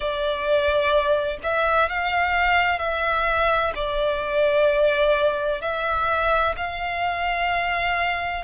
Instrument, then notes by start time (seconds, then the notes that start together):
violin
0.00 D5
1.43 E5
1.89 F5
2.79 E5
3.75 D5
5.61 E5
6.56 F5